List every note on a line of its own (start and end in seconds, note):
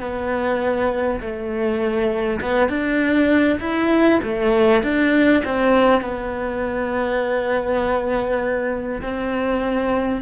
0.00 1.20 B3
1.21 2.41 A3
2.41 2.69 B3
2.69 3.59 D4
3.59 4.19 E4
4.23 4.83 A3
4.83 5.43 D4
5.44 6.01 C4
6.01 9.01 B3
9.02 10.22 C4